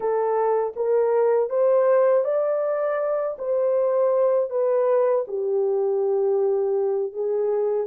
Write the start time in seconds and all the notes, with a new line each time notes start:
0.00 A4
0.75 A#4
1.49 C5
2.24 D5
3.38 C5
4.50 B4
5.27 G4
7.12 G#4